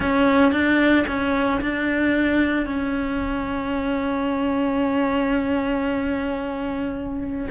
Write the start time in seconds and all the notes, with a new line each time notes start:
0.00 C#4
0.51 D4
1.07 C#4
1.61 D4
2.65 C#4